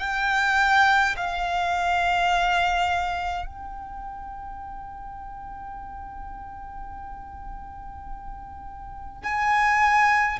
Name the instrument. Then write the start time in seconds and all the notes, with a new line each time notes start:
violin
0.00 G5
1.16 F5
3.46 G5
9.24 G#5